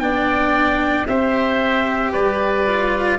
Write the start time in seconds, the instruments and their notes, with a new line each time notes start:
0.00 tuba B3, cello D4, oboe D5, trumpet G5
1.07 tuba C4, cello G4, oboe C5, trumpet E5
2.12 tuba G3, oboe B4, trumpet D5
2.67 cello F4